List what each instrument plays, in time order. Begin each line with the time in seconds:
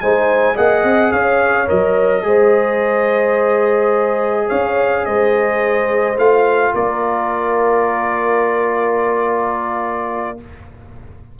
0.00 tuba G#3, trombone D#4, horn C5, trumpet G#5
0.55 tuba A#3, trombone G#4, horn D#5, trumpet F#5
0.83 tuba C4
1.11 tuba C#4, horn C#5, trumpet F5
1.67 tuba F#3, trombone A#4, trumpet D#5
2.22 tuba G#3, trombone G#4, horn C5
4.48 tuba C#4, horn C#5, trumpet F5
5.05 tuba G#3, horn C5, trumpet D#5
6.16 tuba A3, trombone F4, trumpet F5
6.74 tuba A#3, horn A#4, trumpet D5